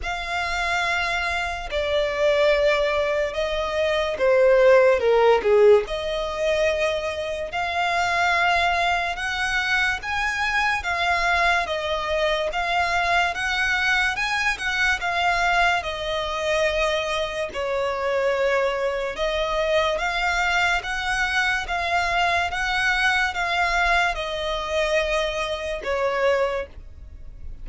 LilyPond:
\new Staff \with { instrumentName = "violin" } { \time 4/4 \tempo 4 = 72 f''2 d''2 | dis''4 c''4 ais'8 gis'8 dis''4~ | dis''4 f''2 fis''4 | gis''4 f''4 dis''4 f''4 |
fis''4 gis''8 fis''8 f''4 dis''4~ | dis''4 cis''2 dis''4 | f''4 fis''4 f''4 fis''4 | f''4 dis''2 cis''4 | }